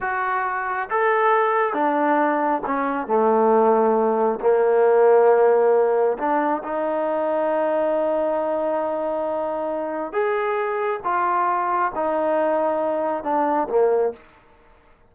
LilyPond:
\new Staff \with { instrumentName = "trombone" } { \time 4/4 \tempo 4 = 136 fis'2 a'2 | d'2 cis'4 a4~ | a2 ais2~ | ais2 d'4 dis'4~ |
dis'1~ | dis'2. gis'4~ | gis'4 f'2 dis'4~ | dis'2 d'4 ais4 | }